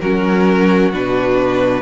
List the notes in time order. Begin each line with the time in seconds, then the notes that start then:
0.00 F#3 C#4 F#4 A#4
0.92 B2 D4 B4